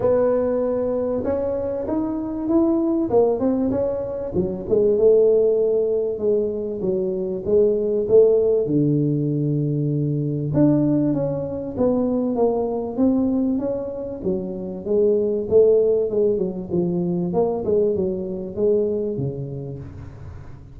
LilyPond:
\new Staff \with { instrumentName = "tuba" } { \time 4/4 \tempo 4 = 97 b2 cis'4 dis'4 | e'4 ais8 c'8 cis'4 fis8 gis8 | a2 gis4 fis4 | gis4 a4 d2~ |
d4 d'4 cis'4 b4 | ais4 c'4 cis'4 fis4 | gis4 a4 gis8 fis8 f4 | ais8 gis8 fis4 gis4 cis4 | }